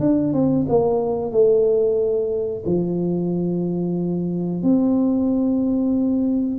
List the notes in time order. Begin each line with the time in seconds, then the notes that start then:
0.00 D4
0.33 C4
0.69 A#3
1.32 A3
2.66 F3
4.62 C4